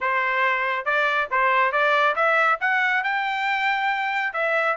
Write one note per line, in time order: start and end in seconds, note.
0.01 0.85 C5
0.85 1.28 D5
1.30 1.72 C5
1.72 2.15 D5
2.15 2.58 E5
2.60 3.03 F#5
3.03 4.33 G5
4.33 4.76 E5